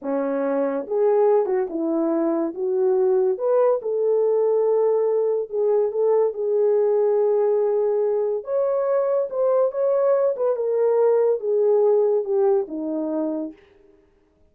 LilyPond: \new Staff \with { instrumentName = "horn" } { \time 4/4 \tempo 4 = 142 cis'2 gis'4. fis'8 | e'2 fis'2 | b'4 a'2.~ | a'4 gis'4 a'4 gis'4~ |
gis'1 | cis''2 c''4 cis''4~ | cis''8 b'8 ais'2 gis'4~ | gis'4 g'4 dis'2 | }